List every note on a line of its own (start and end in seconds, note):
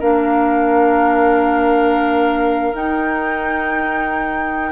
0.00 2.73 A#3
0.00 2.73 D4
0.00 4.72 A#4
0.00 2.76 F5
2.73 4.72 D#4
2.73 4.72 G5